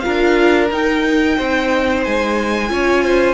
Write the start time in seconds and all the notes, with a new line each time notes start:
0.00 F4 A#4 F5
0.06 D4
0.71 D#4 G5
1.37 C4 C5
2.04 G#3 G#5
2.69 C#4 F4 C#5
3.04 C5